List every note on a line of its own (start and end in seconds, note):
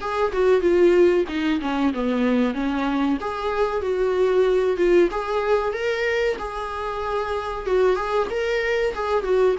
0.00 0.32 G#4
0.32 0.60 F#4
0.60 1.24 F4
1.28 1.60 D#4
1.61 1.93 C#4
1.94 2.54 B3
2.54 3.17 C#4
3.20 3.81 G#4
3.81 4.77 F#4
4.77 5.09 F4
5.10 5.73 G#4
5.73 6.37 A#4
6.38 7.66 G#4
7.66 7.96 F#4
7.96 8.27 G#4
8.30 8.94 A#4
8.94 9.23 G#4
9.23 9.55 F#4